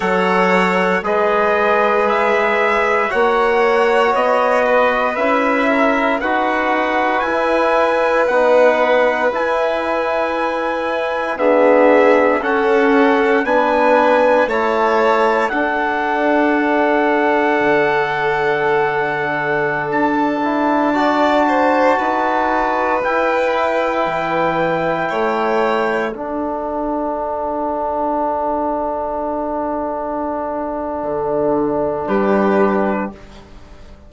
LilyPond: <<
  \new Staff \with { instrumentName = "trumpet" } { \time 4/4 \tempo 4 = 58 fis''4 dis''4 e''4 fis''4 | dis''4 e''4 fis''4 gis''4 | fis''4 gis''2 e''4 | fis''4 gis''4 a''4 fis''4~ |
fis''2.~ fis''16 a''8.~ | a''2~ a''16 g''4.~ g''16~ | g''4~ g''16 fis''2~ fis''8.~ | fis''2. b'4 | }
  \new Staff \with { instrumentName = "violin" } { \time 4/4 cis''4 b'2 cis''4~ | cis''8 b'4 ais'8 b'2~ | b'2. gis'4 | a'4 b'4 cis''4 a'4~ |
a'1~ | a'16 d''8 c''8 b'2~ b'8.~ | b'16 cis''4 a'2~ a'8.~ | a'2. g'4 | }
  \new Staff \with { instrumentName = "trombone" } { \time 4/4 a'4 gis'2 fis'4~ | fis'4 e'4 fis'4 e'4 | dis'4 e'2 b4 | cis'4 d'4 e'4 d'4~ |
d'2.~ d'8. e'16~ | e'16 fis'2 e'4.~ e'16~ | e'4~ e'16 d'2~ d'8.~ | d'1 | }
  \new Staff \with { instrumentName = "bassoon" } { \time 4/4 fis4 gis2 ais4 | b4 cis'4 dis'4 e'4 | b4 e'2 d'4 | cis'4 b4 a4 d'4~ |
d'4 d2~ d16 d'8.~ | d'4~ d'16 dis'4 e'4 e8.~ | e16 a4 d'2~ d'8.~ | d'2 d4 g4 | }
>>